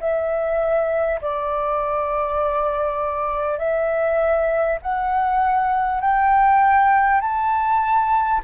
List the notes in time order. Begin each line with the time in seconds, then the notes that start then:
0.00 E5
1.21 D5
3.58 E5
4.82 F#5
6.01 G5
7.21 A5